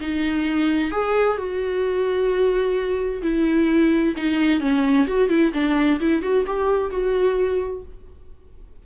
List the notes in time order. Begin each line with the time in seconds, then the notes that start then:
0.00 D#4
0.91 G#4
1.37 F#4
3.22 E4
4.16 D#4
4.60 C#4
5.07 F#4
5.29 E4
5.53 D4
6.00 E4
6.22 F#4
6.47 G4
6.91 F#4